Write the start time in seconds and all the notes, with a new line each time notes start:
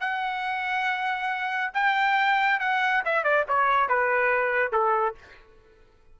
0.00 F#5
1.74 G5
2.60 F#5
3.05 E5
3.24 D5
3.48 C#5
3.89 B4
4.72 A4